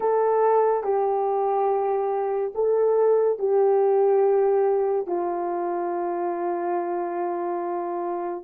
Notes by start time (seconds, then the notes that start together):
0.00 A4
0.83 G4
2.55 A4
3.38 G4
5.06 F4